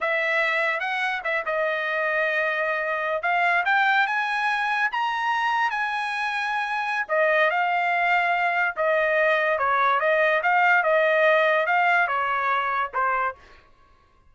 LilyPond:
\new Staff \with { instrumentName = "trumpet" } { \time 4/4 \tempo 4 = 144 e''2 fis''4 e''8 dis''8~ | dis''2.~ dis''8. f''16~ | f''8. g''4 gis''2 ais''16~ | ais''4.~ ais''16 gis''2~ gis''16~ |
gis''4 dis''4 f''2~ | f''4 dis''2 cis''4 | dis''4 f''4 dis''2 | f''4 cis''2 c''4 | }